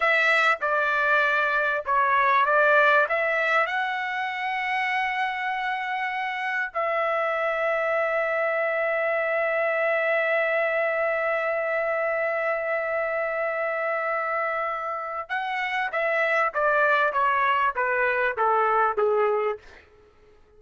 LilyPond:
\new Staff \with { instrumentName = "trumpet" } { \time 4/4 \tempo 4 = 98 e''4 d''2 cis''4 | d''4 e''4 fis''2~ | fis''2. e''4~ | e''1~ |
e''1~ | e''1~ | e''4 fis''4 e''4 d''4 | cis''4 b'4 a'4 gis'4 | }